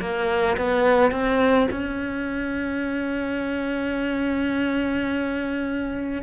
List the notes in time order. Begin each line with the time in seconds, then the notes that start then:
0.00 A#3
0.58 B3
1.12 C4
1.71 C#4